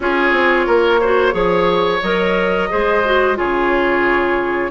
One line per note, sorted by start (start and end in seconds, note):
0.00 0.32 C#4
0.00 1.02 F4
0.00 0.66 G#4
0.00 2.02 C#5
0.32 0.65 C4
0.66 1.33 A#3
0.66 1.00 A#4
1.00 1.31 F#4
1.00 1.34 C5
1.31 2.00 F3
1.31 1.99 G#4
1.31 2.69 C#5
2.02 2.70 F#3
2.02 2.69 A#4
2.02 3.37 D#5
2.69 3.39 G#3
2.69 3.03 G#4
2.69 3.37 C5
3.04 3.35 F#4
3.35 4.70 C#3
3.35 4.70 F4
3.35 4.70 G#4
3.35 4.70 C#5